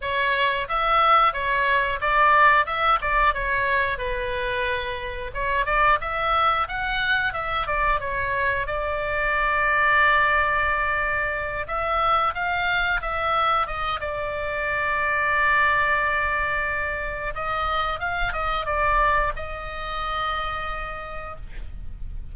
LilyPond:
\new Staff \with { instrumentName = "oboe" } { \time 4/4 \tempo 4 = 90 cis''4 e''4 cis''4 d''4 | e''8 d''8 cis''4 b'2 | cis''8 d''8 e''4 fis''4 e''8 d''8 | cis''4 d''2.~ |
d''4. e''4 f''4 e''8~ | e''8 dis''8 d''2.~ | d''2 dis''4 f''8 dis''8 | d''4 dis''2. | }